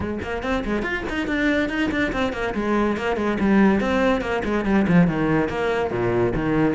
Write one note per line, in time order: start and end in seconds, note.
0.00 0.19 G#3
0.22 0.42 A#3
0.42 0.64 C4
0.64 0.82 G#3
0.82 1.03 F4
1.09 1.27 D#4
1.27 1.69 D4
1.69 1.90 D#4
1.91 2.12 D4
2.12 2.32 C4
2.32 2.54 A#3
2.54 2.96 G#3
2.97 3.16 A#3
3.16 3.37 G#3
3.40 3.80 G3
3.80 4.21 C4
4.21 4.42 A#3
4.44 4.65 G#3
4.65 4.86 G3
4.87 5.07 F3
5.07 5.48 D#3
5.48 5.91 A#3
5.91 6.33 A#2
6.35 6.74 D#3